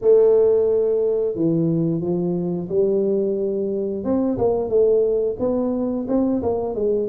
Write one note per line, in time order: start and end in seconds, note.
0.01 1.35 A3
1.35 2.00 E3
2.00 2.68 F3
2.69 4.04 G3
4.04 4.37 C4
4.38 4.69 A#3
4.69 5.36 A3
5.39 6.06 B3
6.08 6.41 C4
6.42 6.74 A#3
6.74 7.08 G#3